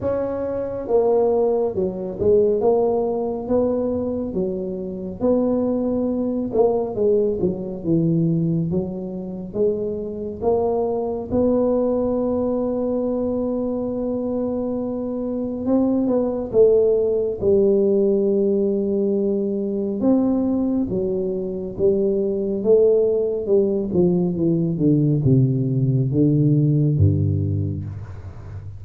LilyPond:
\new Staff \with { instrumentName = "tuba" } { \time 4/4 \tempo 4 = 69 cis'4 ais4 fis8 gis8 ais4 | b4 fis4 b4. ais8 | gis8 fis8 e4 fis4 gis4 | ais4 b2.~ |
b2 c'8 b8 a4 | g2. c'4 | fis4 g4 a4 g8 f8 | e8 d8 c4 d4 g,4 | }